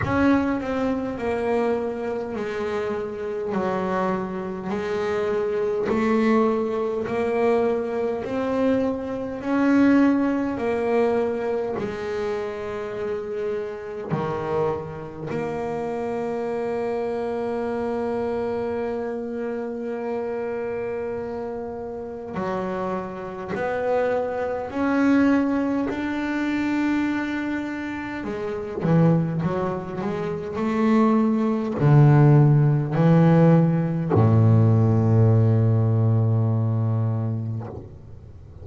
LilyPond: \new Staff \with { instrumentName = "double bass" } { \time 4/4 \tempo 4 = 51 cis'8 c'8 ais4 gis4 fis4 | gis4 a4 ais4 c'4 | cis'4 ais4 gis2 | dis4 ais2.~ |
ais2. fis4 | b4 cis'4 d'2 | gis8 e8 fis8 gis8 a4 d4 | e4 a,2. | }